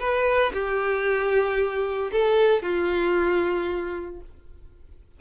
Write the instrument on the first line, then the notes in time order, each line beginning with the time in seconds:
violin
0.00 B4
0.54 G4
2.12 A4
2.63 F4